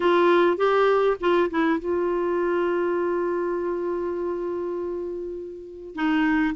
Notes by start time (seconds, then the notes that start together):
0.00 F4
0.57 G4
1.20 F4
1.50 E4
1.79 F4
5.95 D#4